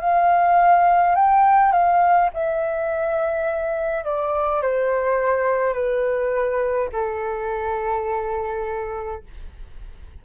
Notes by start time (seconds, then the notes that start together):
0.00 F5
1.15 G5
1.72 F5
2.33 E5
4.04 D5
4.62 C5
5.73 B4
6.92 A4